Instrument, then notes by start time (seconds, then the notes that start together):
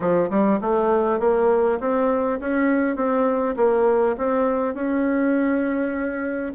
bassoon
0.00 F3
0.30 G3
0.61 A3
1.19 A#3
1.80 C4
2.40 C#4
2.95 C4
3.56 A#3
4.17 C4
4.74 C#4